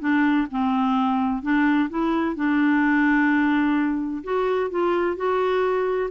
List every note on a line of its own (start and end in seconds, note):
0.00 0.47 D4
0.51 1.42 C4
1.42 1.89 D4
1.90 2.35 E4
2.35 4.23 D4
4.24 4.70 F#4
4.70 5.16 F4
5.16 6.10 F#4